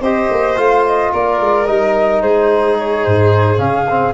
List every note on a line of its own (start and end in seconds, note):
0.00 0.28 C4
0.00 0.56 G4
0.00 1.11 C5
0.00 0.57 D#5
0.30 0.57 A#3
0.56 1.12 A3
0.56 1.66 F4
0.56 0.85 F5
0.86 1.13 D#5
1.12 1.40 A#3
1.12 2.22 A#4
1.12 1.66 D5
1.40 1.67 G#3
1.66 2.22 G3
1.66 3.57 D#4
1.66 2.21 D#5
2.21 3.05 G#3
2.21 4.13 G#4
2.21 2.76 C5
2.78 3.04 C#5
3.04 3.58 G#2
3.04 3.58 C5
3.57 4.13 C#3
3.57 3.85 C#4
3.57 4.13 F5
3.89 4.13 C4